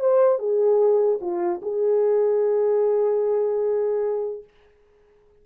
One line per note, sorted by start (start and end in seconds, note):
0.00 0.39 C5
0.39 1.19 G#4
1.21 1.61 F4
1.62 4.44 G#4